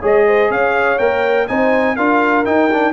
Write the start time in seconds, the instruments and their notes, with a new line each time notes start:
0.00 tuba G#3, trombone G#4, horn C#5, trumpet D#5
0.26 horn C5
0.48 tuba C#4, horn C#5, trumpet F5
0.98 tuba A#3, trombone A#4, trumpet G5
1.47 tuba C4, trombone D#4, horn C5, trumpet G#5
1.96 tuba D4, trombone F4, horn A#4, trumpet F5
2.44 trombone D#4, tuba D#4, trumpet G5
2.72 trombone D4